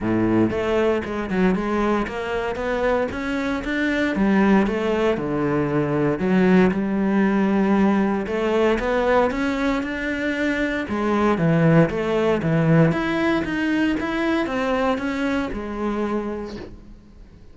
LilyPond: \new Staff \with { instrumentName = "cello" } { \time 4/4 \tempo 4 = 116 a,4 a4 gis8 fis8 gis4 | ais4 b4 cis'4 d'4 | g4 a4 d2 | fis4 g2. |
a4 b4 cis'4 d'4~ | d'4 gis4 e4 a4 | e4 e'4 dis'4 e'4 | c'4 cis'4 gis2 | }